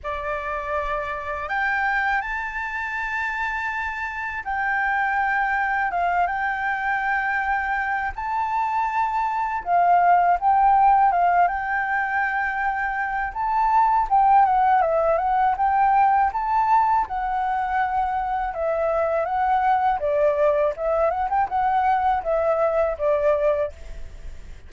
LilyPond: \new Staff \with { instrumentName = "flute" } { \time 4/4 \tempo 4 = 81 d''2 g''4 a''4~ | a''2 g''2 | f''8 g''2~ g''8 a''4~ | a''4 f''4 g''4 f''8 g''8~ |
g''2 a''4 g''8 fis''8 | e''8 fis''8 g''4 a''4 fis''4~ | fis''4 e''4 fis''4 d''4 | e''8 fis''16 g''16 fis''4 e''4 d''4 | }